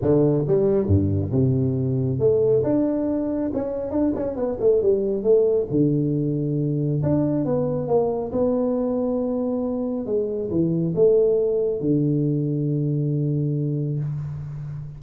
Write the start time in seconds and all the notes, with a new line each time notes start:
0.01 D3
0.47 G3
0.86 G2
1.31 C3
2.19 A3
2.63 D4
3.53 C#4
3.90 D4
4.15 C#4
4.35 B3
4.60 A3
4.82 G3
5.23 A3
5.71 D3
7.02 D4
7.45 B3
7.87 A#3
8.32 B3
10.06 G#3
10.50 E3
10.95 A3
11.80 D3